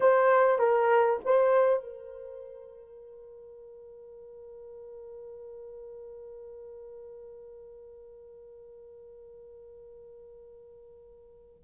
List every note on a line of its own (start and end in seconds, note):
0.00 0.58 C5
0.58 1.19 A#4
1.24 1.83 C5
1.83 11.62 A#4